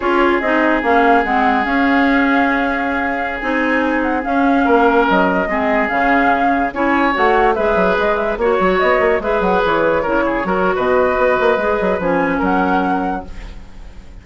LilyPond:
<<
  \new Staff \with { instrumentName = "flute" } { \time 4/4 \tempo 4 = 145 cis''4 dis''4 f''4 fis''4 | f''1~ | f''16 gis''4. fis''8 f''4.~ f''16~ | f''16 dis''2 f''4.~ f''16~ |
f''16 gis''4 fis''4 e''4 dis''8 e''16~ | e''16 cis''4 dis''4 e''8 fis''8 cis''8.~ | cis''2 dis''2~ | dis''4 gis''4 fis''2 | }
  \new Staff \with { instrumentName = "oboe" } { \time 4/4 gis'1~ | gis'1~ | gis'2.~ gis'16 ais'8.~ | ais'4~ ais'16 gis'2~ gis'8.~ |
gis'16 cis''2 b'4.~ b'16~ | b'16 cis''2 b'4.~ b'16~ | b'16 ais'8 gis'8 ais'8. b'2~ | b'2 ais'2 | }
  \new Staff \with { instrumentName = "clarinet" } { \time 4/4 f'4 dis'4 cis'4 c'4 | cis'1~ | cis'16 dis'2 cis'4.~ cis'16~ | cis'4~ cis'16 c'4 cis'4.~ cis'16~ |
cis'16 e'4 fis'4 gis'4.~ gis'16~ | gis'16 fis'2 gis'4.~ gis'16~ | gis'16 e'4 fis'2~ fis'8. | gis'4 cis'2. | }
  \new Staff \with { instrumentName = "bassoon" } { \time 4/4 cis'4 c'4 ais4 gis4 | cis'1~ | cis'16 c'2 cis'4 ais8.~ | ais16 fis4 gis4 cis4.~ cis16~ |
cis16 cis'4 a4 gis8 fis8 gis8.~ | gis16 ais8 fis8 b8 ais8 gis8 fis8 e8.~ | e16 cis4 fis8. b,4 b8 ais8 | gis8 fis8 f4 fis2 | }
>>